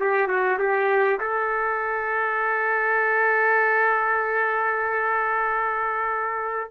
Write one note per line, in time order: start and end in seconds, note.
0.00 0.27 G4
0.27 0.58 F#4
0.59 1.20 G4
1.20 6.71 A4